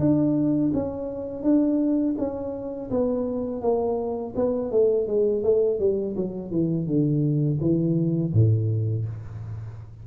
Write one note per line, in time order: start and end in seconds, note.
0.00 0.72 D4
0.74 1.43 C#4
1.43 2.16 D4
2.18 2.90 C#4
2.90 3.62 B3
3.62 4.34 A#3
4.36 4.72 B3
4.72 5.07 A3
5.07 5.43 G#3
5.43 5.80 A3
5.80 6.16 G3
6.16 6.51 F#3
6.51 6.87 E3
6.87 7.59 D3
7.61 8.33 E3
8.34 9.06 A2